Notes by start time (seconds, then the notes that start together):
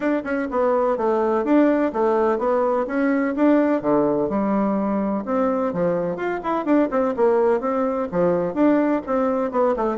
0.00 D4
0.24 C#4
0.51 B3
0.97 A3
1.44 D4
1.92 A3
2.38 B3
2.86 C#4
3.35 D4
3.81 D3
4.29 G3
5.25 C4
5.73 F3
6.16 F4
6.43 E4
6.65 D4
6.90 C4
7.16 A#3
7.60 C4
8.11 F3
8.53 D4
9.06 C4
9.51 B3
9.76 A3